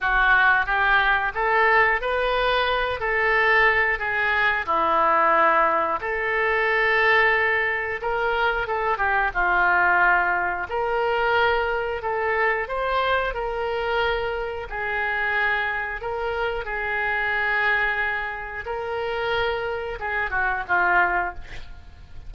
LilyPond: \new Staff \with { instrumentName = "oboe" } { \time 4/4 \tempo 4 = 90 fis'4 g'4 a'4 b'4~ | b'8 a'4. gis'4 e'4~ | e'4 a'2. | ais'4 a'8 g'8 f'2 |
ais'2 a'4 c''4 | ais'2 gis'2 | ais'4 gis'2. | ais'2 gis'8 fis'8 f'4 | }